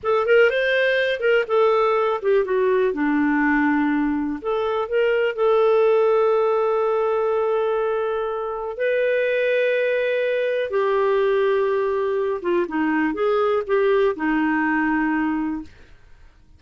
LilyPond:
\new Staff \with { instrumentName = "clarinet" } { \time 4/4 \tempo 4 = 123 a'8 ais'8 c''4. ais'8 a'4~ | a'8 g'8 fis'4 d'2~ | d'4 a'4 ais'4 a'4~ | a'1~ |
a'2 b'2~ | b'2 g'2~ | g'4. f'8 dis'4 gis'4 | g'4 dis'2. | }